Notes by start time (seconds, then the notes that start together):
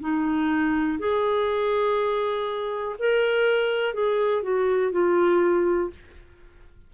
0.00 D#4
0.99 G#4
2.99 A#4
3.93 G#4
4.42 F#4
4.91 F4